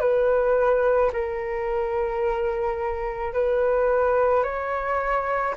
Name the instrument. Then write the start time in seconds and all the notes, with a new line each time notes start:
flute
0.00 B4
1.13 A#4
3.34 B4
4.43 C#5